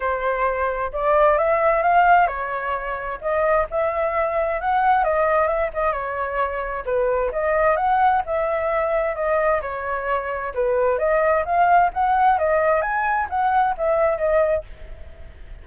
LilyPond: \new Staff \with { instrumentName = "flute" } { \time 4/4 \tempo 4 = 131 c''2 d''4 e''4 | f''4 cis''2 dis''4 | e''2 fis''4 dis''4 | e''8 dis''8 cis''2 b'4 |
dis''4 fis''4 e''2 | dis''4 cis''2 b'4 | dis''4 f''4 fis''4 dis''4 | gis''4 fis''4 e''4 dis''4 | }